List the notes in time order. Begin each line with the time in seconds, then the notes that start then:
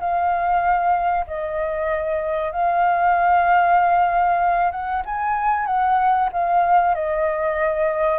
0.00 F5
1.27 D#5
2.52 F5
4.72 F#5
5.06 G#5
5.67 F#5
6.33 F5
6.95 D#5